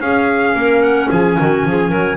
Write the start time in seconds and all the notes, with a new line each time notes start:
0.00 C#4 G#4 F5
0.55 A#3 A#4
0.82 F#5
1.10 F3 G#4 G#5
1.39 D#3 F#4
1.65 F3 G#4
1.90 F#3 A#4